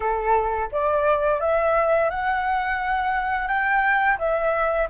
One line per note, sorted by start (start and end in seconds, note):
0.00 0.69 A4
0.71 1.40 D5
1.40 2.09 E5
2.09 3.47 F#5
3.47 4.17 G5
4.18 4.88 E5